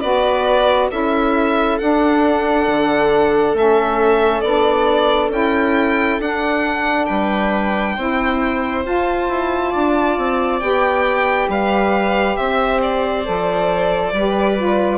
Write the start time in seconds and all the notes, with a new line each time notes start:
0.00 B3 F#4 B4 D5
0.90 C#4 E4 A4 E5
1.79 D4 F#5
2.68 D3
3.54 A3 C#4 E5
4.41 B3 D4 D5
5.29 C#4 E4 G5
6.20 D4 F#5
7.06 G3 B4 G5
7.96 C4 E4 C5
8.84 F4 A5
9.29 E4
9.71 D4 D5
10.18 C4
10.60 B3 G4 G5
11.48 G3 B4 F5
12.36 C4 C5 E5
12.82 D5
13.24 F3 A4
14.12 G3 G4 B4
14.57 F4